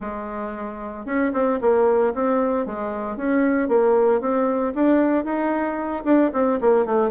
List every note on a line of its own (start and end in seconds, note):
0.00 1.05 G#3
1.05 1.32 C#4
1.33 1.59 C4
1.61 2.13 A#3
2.14 2.66 C4
2.66 3.16 G#3
3.16 3.68 C#4
3.68 4.20 A#3
4.20 4.73 C4
4.74 5.24 D4
5.24 6.03 D#4
6.04 6.30 D4
6.33 6.59 C4
6.60 6.85 A#3
6.85 7.10 A3